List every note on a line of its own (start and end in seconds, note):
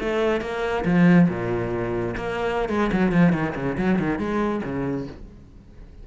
0.00 0.41 A3
0.41 0.84 A#3
0.85 1.29 F3
1.29 2.16 A#2
2.17 2.69 A#3
2.69 2.91 G#3
2.93 3.12 F#3
3.12 3.33 F3
3.33 3.55 D#3
3.56 3.77 C#3
3.78 3.99 F#3
3.99 4.19 D#3
4.19 4.62 G#3
4.64 5.07 C#3